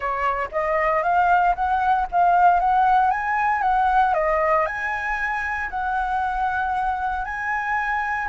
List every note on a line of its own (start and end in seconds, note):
0.00 0.48 C#5
0.51 1.03 D#5
1.03 1.54 F5
1.55 2.06 F#5
2.11 2.60 F5
2.60 3.10 F#5
3.10 3.62 G#5
3.62 4.14 F#5
4.14 4.66 D#5
4.66 5.69 G#5
5.70 7.24 F#5
7.24 8.28 G#5